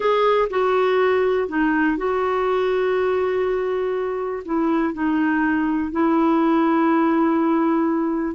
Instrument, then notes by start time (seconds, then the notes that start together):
clarinet
0.00 G#4
0.50 F#4
1.48 D#4
1.97 F#4
4.45 E4
4.93 D#4
5.91 E4